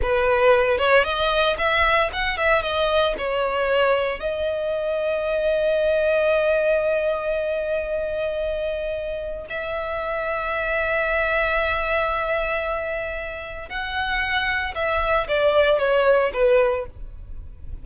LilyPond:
\new Staff \with { instrumentName = "violin" } { \time 4/4 \tempo 4 = 114 b'4. cis''8 dis''4 e''4 | fis''8 e''8 dis''4 cis''2 | dis''1~ | dis''1~ |
dis''2 e''2~ | e''1~ | e''2 fis''2 | e''4 d''4 cis''4 b'4 | }